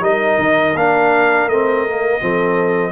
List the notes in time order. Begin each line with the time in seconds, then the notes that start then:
0.00 G3 D#4 A#4 D#5
0.38 D#3
0.74 A#3 D4 F5
1.46 A3 C4 D#5
1.88 A#3
2.20 F3 C4 A4